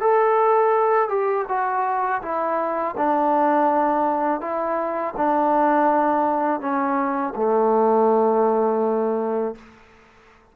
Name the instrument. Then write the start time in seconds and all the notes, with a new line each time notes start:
trombone
0.00 A4
1.08 G4
1.48 F#4
2.22 E4
2.97 D4
4.40 E4
5.17 D4
6.60 C#4
7.35 A3